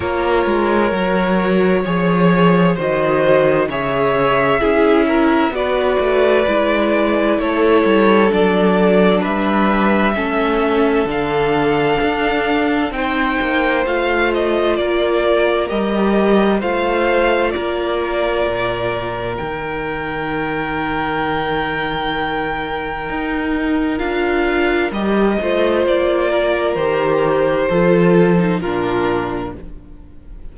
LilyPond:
<<
  \new Staff \with { instrumentName = "violin" } { \time 4/4 \tempo 4 = 65 cis''2. dis''4 | e''2 d''2 | cis''4 d''4 e''2 | f''2 g''4 f''8 dis''8 |
d''4 dis''4 f''4 d''4~ | d''4 g''2.~ | g''2 f''4 dis''4 | d''4 c''2 ais'4 | }
  \new Staff \with { instrumentName = "violin" } { \time 4/4 ais'2 cis''4 c''4 | cis''4 gis'8 ais'8 b'2 | a'2 b'4 a'4~ | a'2 c''2 |
ais'2 c''4 ais'4~ | ais'1~ | ais'2.~ ais'8 c''8~ | c''8 ais'4. a'4 f'4 | }
  \new Staff \with { instrumentName = "viola" } { \time 4/4 f'4 fis'4 gis'4 fis'4 | gis'4 e'4 fis'4 e'4~ | e'4 d'2 cis'4 | d'2 dis'4 f'4~ |
f'4 g'4 f'2~ | f'4 dis'2.~ | dis'2 f'4 g'8 f'8~ | f'4 g'4 f'8. dis'16 d'4 | }
  \new Staff \with { instrumentName = "cello" } { \time 4/4 ais8 gis8 fis4 f4 dis4 | cis4 cis'4 b8 a8 gis4 | a8 g8 fis4 g4 a4 | d4 d'4 c'8 ais8 a4 |
ais4 g4 a4 ais4 | ais,4 dis2.~ | dis4 dis'4 d'4 g8 a8 | ais4 dis4 f4 ais,4 | }
>>